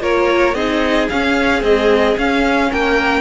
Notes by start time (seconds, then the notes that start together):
0.00 A#3 F4 A#4 C#5
0.54 C4 D#4 G#4 D#5
1.09 C#4 F5
1.61 G#3 C4 D#5
2.17 C#4 F5
2.70 A#3 A#4 G5